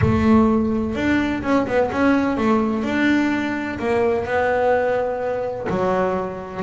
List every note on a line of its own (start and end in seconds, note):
0.01 0.95 A3
0.95 1.42 D4
1.43 1.66 C#4
1.66 1.90 B3
1.91 2.37 C#4
2.37 2.83 A3
2.83 3.78 D4
3.79 4.25 A#3
4.25 5.67 B3
5.69 6.62 F#3